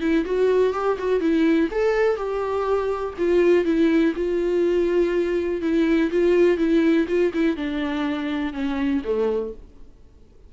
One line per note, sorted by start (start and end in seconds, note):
0.00 0.24 E4
0.25 0.73 F#4
0.73 0.97 G4
0.98 1.20 F#4
1.20 1.69 E4
1.71 2.16 A4
2.16 3.14 G4
3.18 3.65 F4
3.65 4.13 E4
4.15 5.61 F4
5.61 6.10 E4
6.10 6.57 F4
6.57 7.06 E4
7.08 7.32 F4
7.33 7.56 E4
7.56 8.53 D4
8.53 9.02 C#4
9.04 9.53 A3